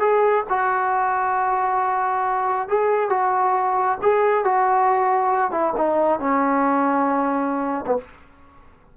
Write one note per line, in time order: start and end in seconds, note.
0.00 0.44 G#4
0.50 2.69 F#4
2.69 3.10 G#4
3.10 3.98 F#4
4.02 4.45 G#4
4.45 5.51 F#4
5.51 5.73 E4
5.77 6.20 D#4
6.20 7.85 C#4
7.86 7.98 B3